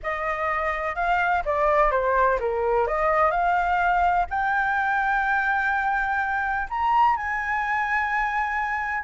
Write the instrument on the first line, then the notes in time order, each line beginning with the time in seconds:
flute
0.02 D#5
0.95 F5
1.45 D5
1.91 C5
2.39 A#4
2.87 D#5
3.31 F5
4.30 G5
6.69 A#5
7.16 G#5